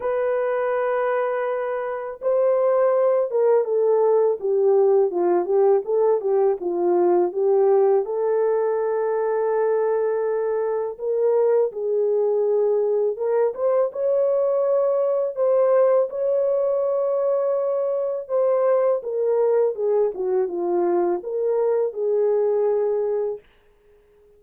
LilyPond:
\new Staff \with { instrumentName = "horn" } { \time 4/4 \tempo 4 = 82 b'2. c''4~ | c''8 ais'8 a'4 g'4 f'8 g'8 | a'8 g'8 f'4 g'4 a'4~ | a'2. ais'4 |
gis'2 ais'8 c''8 cis''4~ | cis''4 c''4 cis''2~ | cis''4 c''4 ais'4 gis'8 fis'8 | f'4 ais'4 gis'2 | }